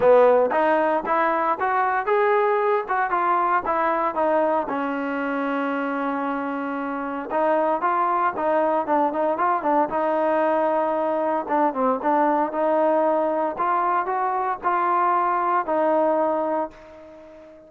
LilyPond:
\new Staff \with { instrumentName = "trombone" } { \time 4/4 \tempo 4 = 115 b4 dis'4 e'4 fis'4 | gis'4. fis'8 f'4 e'4 | dis'4 cis'2.~ | cis'2 dis'4 f'4 |
dis'4 d'8 dis'8 f'8 d'8 dis'4~ | dis'2 d'8 c'8 d'4 | dis'2 f'4 fis'4 | f'2 dis'2 | }